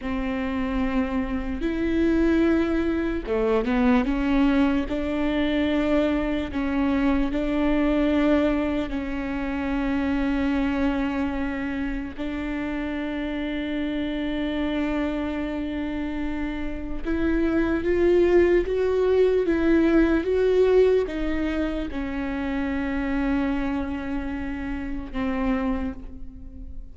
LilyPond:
\new Staff \with { instrumentName = "viola" } { \time 4/4 \tempo 4 = 74 c'2 e'2 | a8 b8 cis'4 d'2 | cis'4 d'2 cis'4~ | cis'2. d'4~ |
d'1~ | d'4 e'4 f'4 fis'4 | e'4 fis'4 dis'4 cis'4~ | cis'2. c'4 | }